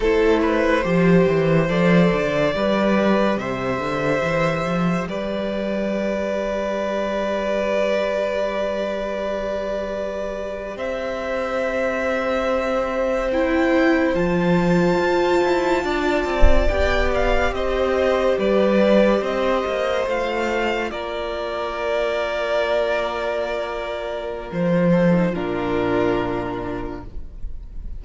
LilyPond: <<
  \new Staff \with { instrumentName = "violin" } { \time 4/4 \tempo 4 = 71 c''2 d''2 | e''2 d''2~ | d''1~ | d''8. e''2. g''16~ |
g''8. a''2. g''16~ | g''16 f''8 dis''4 d''4 dis''4 f''16~ | f''8. d''2.~ d''16~ | d''4 c''4 ais'2 | }
  \new Staff \with { instrumentName = "violin" } { \time 4/4 a'8 b'8 c''2 b'4 | c''2 b'2~ | b'1~ | b'8. c''2.~ c''16~ |
c''2~ c''8. d''4~ d''16~ | d''8. c''4 b'4 c''4~ c''16~ | c''8. ais'2.~ ais'16~ | ais'4. a'8 f'2 | }
  \new Staff \with { instrumentName = "viola" } { \time 4/4 e'4 g'4 a'4 g'4~ | g'1~ | g'1~ | g'2.~ g'8. e'16~ |
e'8. f'2. g'16~ | g'2.~ g'8. f'16~ | f'1~ | f'4.~ f'16 dis'16 d'2 | }
  \new Staff \with { instrumentName = "cello" } { \time 4/4 a4 f8 e8 f8 d8 g4 | c8 d8 e8 f8 g2~ | g1~ | g8. c'2.~ c'16~ |
c'8. f4 f'8 e'8 d'8 c'8 b16~ | b8. c'4 g4 c'8 ais8 a16~ | a8. ais2.~ ais16~ | ais4 f4 ais,2 | }
>>